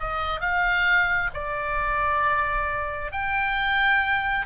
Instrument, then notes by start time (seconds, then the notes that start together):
oboe
0.00 D#5
0.41 F5
1.34 D5
3.12 G5